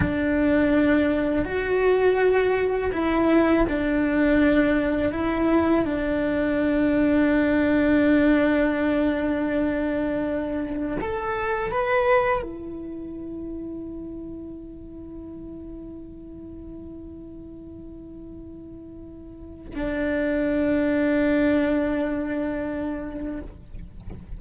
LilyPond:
\new Staff \with { instrumentName = "cello" } { \time 4/4 \tempo 4 = 82 d'2 fis'2 | e'4 d'2 e'4 | d'1~ | d'2. a'4 |
b'4 e'2.~ | e'1~ | e'2. d'4~ | d'1 | }